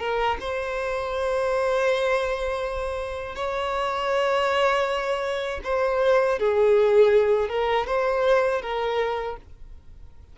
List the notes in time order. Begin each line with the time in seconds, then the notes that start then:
0.00 A#4
0.40 C5
3.35 C#5
5.64 C5
6.39 G#4
7.49 A#4
7.87 C5
8.62 A#4